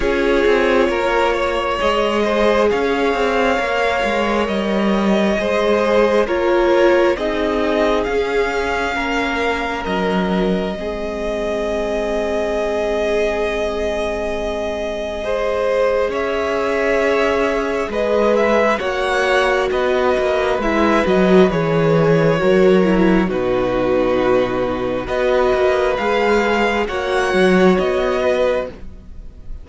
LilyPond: <<
  \new Staff \with { instrumentName = "violin" } { \time 4/4 \tempo 4 = 67 cis''2 dis''4 f''4~ | f''4 dis''2 cis''4 | dis''4 f''2 dis''4~ | dis''1~ |
dis''2 e''2 | dis''8 e''8 fis''4 dis''4 e''8 dis''8 | cis''2 b'2 | dis''4 f''4 fis''4 dis''4 | }
  \new Staff \with { instrumentName = "violin" } { \time 4/4 gis'4 ais'8 cis''4 c''8 cis''4~ | cis''2 c''4 ais'4 | gis'2 ais'2 | gis'1~ |
gis'4 c''4 cis''2 | b'4 cis''4 b'2~ | b'4 ais'4 fis'2 | b'2 cis''4. b'8 | }
  \new Staff \with { instrumentName = "viola" } { \time 4/4 f'2 gis'2 | ais'2 gis'4 f'4 | dis'4 cis'2. | c'1~ |
c'4 gis'2.~ | gis'4 fis'2 e'8 fis'8 | gis'4 fis'8 e'8 dis'2 | fis'4 gis'4 fis'2 | }
  \new Staff \with { instrumentName = "cello" } { \time 4/4 cis'8 c'8 ais4 gis4 cis'8 c'8 | ais8 gis8 g4 gis4 ais4 | c'4 cis'4 ais4 fis4 | gis1~ |
gis2 cis'2 | gis4 ais4 b8 ais8 gis8 fis8 | e4 fis4 b,2 | b8 ais8 gis4 ais8 fis8 b4 | }
>>